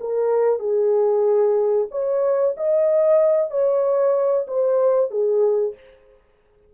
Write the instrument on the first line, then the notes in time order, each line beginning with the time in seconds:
horn
0.00 A#4
0.59 G#4
1.91 C#5
2.56 D#5
3.50 C#5
4.47 C5
5.10 G#4